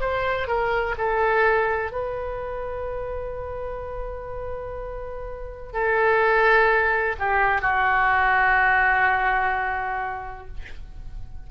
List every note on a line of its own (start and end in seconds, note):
0.00 0.47 C5
0.47 0.95 A#4
0.98 1.92 A4
1.92 5.73 B4
5.73 7.16 A4
7.19 7.61 G4
7.61 10.47 F#4